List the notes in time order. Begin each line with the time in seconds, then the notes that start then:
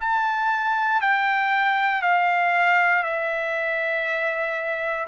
0.00 A5
1.01 G5
2.02 F5
3.03 E5